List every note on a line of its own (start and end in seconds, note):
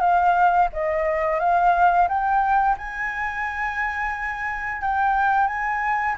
0.00 0.68 F5
0.73 1.39 D#5
1.39 2.08 F5
2.08 2.76 G5
2.77 4.82 G#5
4.82 5.47 G5
5.47 6.15 G#5